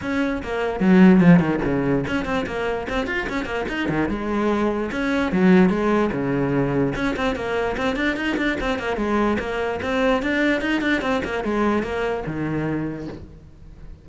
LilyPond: \new Staff \with { instrumentName = "cello" } { \time 4/4 \tempo 4 = 147 cis'4 ais4 fis4 f8 dis8 | cis4 cis'8 c'8 ais4 c'8 f'8 | cis'8 ais8 dis'8 dis8 gis2 | cis'4 fis4 gis4 cis4~ |
cis4 cis'8 c'8 ais4 c'8 d'8 | dis'8 d'8 c'8 ais8 gis4 ais4 | c'4 d'4 dis'8 d'8 c'8 ais8 | gis4 ais4 dis2 | }